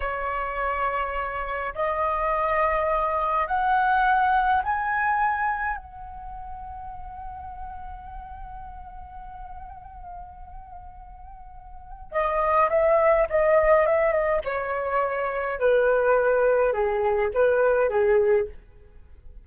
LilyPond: \new Staff \with { instrumentName = "flute" } { \time 4/4 \tempo 4 = 104 cis''2. dis''4~ | dis''2 fis''2 | gis''2 fis''2~ | fis''1~ |
fis''1~ | fis''4 dis''4 e''4 dis''4 | e''8 dis''8 cis''2 b'4~ | b'4 gis'4 b'4 gis'4 | }